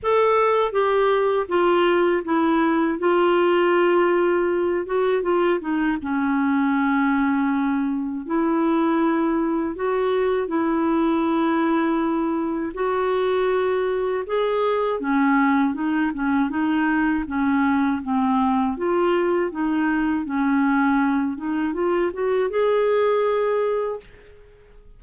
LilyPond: \new Staff \with { instrumentName = "clarinet" } { \time 4/4 \tempo 4 = 80 a'4 g'4 f'4 e'4 | f'2~ f'8 fis'8 f'8 dis'8 | cis'2. e'4~ | e'4 fis'4 e'2~ |
e'4 fis'2 gis'4 | cis'4 dis'8 cis'8 dis'4 cis'4 | c'4 f'4 dis'4 cis'4~ | cis'8 dis'8 f'8 fis'8 gis'2 | }